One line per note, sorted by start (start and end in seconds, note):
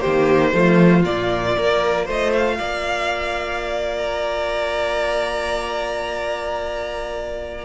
0.00 0.54 D#3
0.00 0.51 G4
0.00 1.02 C5
0.06 0.53 A#3
0.53 1.04 F3
0.53 1.04 A3
0.53 1.57 F4
1.04 1.56 A#2
1.04 1.55 A#3
1.04 2.06 D5
1.55 2.08 A#3
1.55 7.64 F4
1.55 2.05 A#4
2.05 2.59 A3
2.05 2.56 C5
2.05 2.32 D#5
2.32 3.97 F5
2.58 7.64 A#3
2.58 7.64 D5
3.97 7.64 A#5